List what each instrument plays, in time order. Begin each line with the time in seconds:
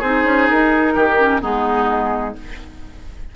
0.00 bassoon C4, clarinet D#4, oboe G#4, flute C5
0.25 bassoon C#4
0.50 bassoon D#4, flute A#4
0.95 bassoon D#3, oboe G4
1.19 clarinet C#4
1.41 bassoon G#3, clarinet B3, oboe D#4, flute G#4